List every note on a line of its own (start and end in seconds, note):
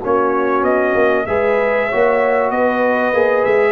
0.00 0.62 A#3
0.00 1.28 C#4
0.00 1.25 F#4
0.00 0.64 C#5
0.62 0.94 B3
0.62 1.26 D#5
0.95 1.26 A#3
1.26 1.90 G#3
1.26 1.90 G#4
1.26 1.88 B4
1.26 2.51 E5
1.88 2.51 A#3
1.88 3.14 F#4
1.88 2.51 C#5
2.51 3.13 B3
2.51 3.73 B4
2.51 3.45 D#5
3.13 3.44 A#3
3.13 3.73 G#4
3.45 3.73 G#3
3.45 3.73 E5